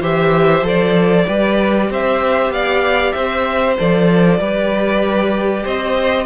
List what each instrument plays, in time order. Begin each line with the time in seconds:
0.00 cello E3, viola G4, violin C5 E5
0.62 cello F3, viola A4, violin D5
1.26 cello G3, viola G4, violin B4
1.89 cello C4, violin C5 E5
2.49 cello B3, violin D5 F5
3.12 cello C4, violin C5 E5
3.77 cello F3, viola A4, violin D5
4.39 cello G3, viola G4, violin B4
5.63 cello C4, violin C5 D#5